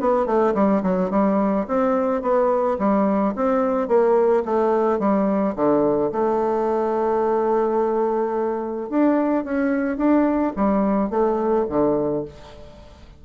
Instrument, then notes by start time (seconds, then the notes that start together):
bassoon
0.00 B3
0.26 A3
0.55 G3
0.83 F#3
1.10 G3
1.67 C4
2.22 B3
2.79 G3
3.36 C4
3.88 A#3
4.45 A3
4.99 G3
5.56 D3
6.12 A3
8.90 D4
9.44 C#4
9.97 D4
10.56 G3
11.10 A3
11.69 D3